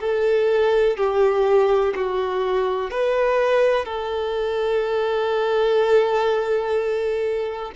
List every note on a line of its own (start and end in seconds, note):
0.00 0.97 A4
0.97 1.94 G4
1.95 2.91 F#4
2.91 3.85 B4
3.85 7.72 A4